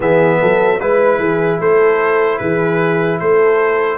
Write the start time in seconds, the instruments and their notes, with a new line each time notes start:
0.00 tuba E3, trombone B3, horn G#4, trumpet E5
0.40 tuba F#3, horn A4
0.80 tuba G#3, trombone E4, trumpet B4, horn B4
1.19 tuba E3, horn G#4
1.59 tuba A3, horn A4, trumpet C5
2.38 tuba E3, horn G#4, trumpet B4
3.19 tuba A3, horn A4, trumpet C5